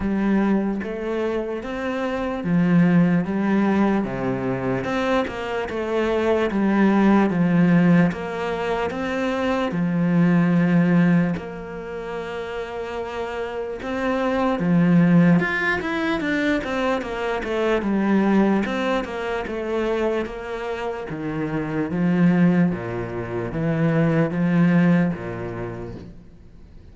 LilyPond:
\new Staff \with { instrumentName = "cello" } { \time 4/4 \tempo 4 = 74 g4 a4 c'4 f4 | g4 c4 c'8 ais8 a4 | g4 f4 ais4 c'4 | f2 ais2~ |
ais4 c'4 f4 f'8 e'8 | d'8 c'8 ais8 a8 g4 c'8 ais8 | a4 ais4 dis4 f4 | ais,4 e4 f4 ais,4 | }